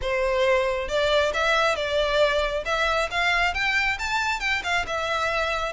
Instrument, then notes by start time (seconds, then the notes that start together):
violin
0.01 C5
0.88 D5
1.33 E5
1.75 D5
2.65 E5
3.10 F5
3.54 G5
3.98 A5
4.40 G5
4.63 F5
4.86 E5